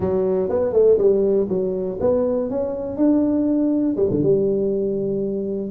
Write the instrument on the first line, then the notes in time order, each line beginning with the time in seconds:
tuba
0.00 F#3
0.49 B3
0.73 A3
0.98 G3
1.49 F#3
2.00 B3
2.50 C#4
2.96 D4
3.96 G3
4.10 D3
4.22 G3